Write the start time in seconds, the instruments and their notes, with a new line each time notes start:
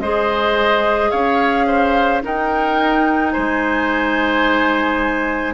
0.00 bassoon G#3, clarinet G#4, oboe C5, flute D#5
1.11 bassoon C#4, oboe C#5, flute F5
1.68 oboe C5
2.22 clarinet D#4, bassoon D#4, oboe A#4, flute G5
3.31 bassoon G#3, oboe C5, flute G#5